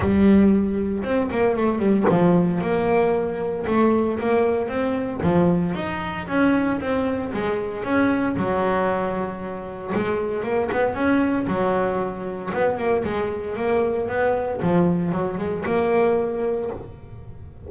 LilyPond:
\new Staff \with { instrumentName = "double bass" } { \time 4/4 \tempo 4 = 115 g2 c'8 ais8 a8 g8 | f4 ais2 a4 | ais4 c'4 f4 dis'4 | cis'4 c'4 gis4 cis'4 |
fis2. gis4 | ais8 b8 cis'4 fis2 | b8 ais8 gis4 ais4 b4 | f4 fis8 gis8 ais2 | }